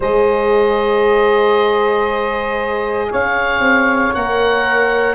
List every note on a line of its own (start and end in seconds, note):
0.00 3.10 G#3
0.00 4.15 G#4
0.00 3.07 C5
0.00 3.12 D#5
3.10 3.59 C#4
3.10 5.14 C#5
3.10 4.14 F5
3.59 4.10 C4
4.14 5.14 A#3
4.14 5.14 A#4
4.14 5.14 F#5